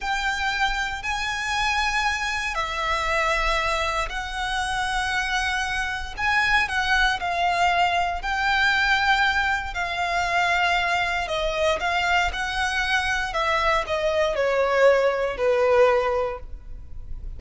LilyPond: \new Staff \with { instrumentName = "violin" } { \time 4/4 \tempo 4 = 117 g''2 gis''2~ | gis''4 e''2. | fis''1 | gis''4 fis''4 f''2 |
g''2. f''4~ | f''2 dis''4 f''4 | fis''2 e''4 dis''4 | cis''2 b'2 | }